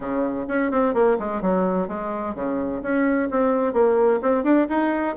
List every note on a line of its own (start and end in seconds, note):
0.00 0.45 C#3
0.48 0.71 C#4
0.71 0.94 C4
0.94 1.17 A#3
1.19 1.41 G#3
1.41 1.87 F#3
1.87 2.34 G#3
2.34 2.81 C#3
2.82 3.29 C#4
3.30 3.73 C4
3.73 4.20 A#3
4.22 4.43 C4
4.43 4.67 D4
4.69 5.16 D#4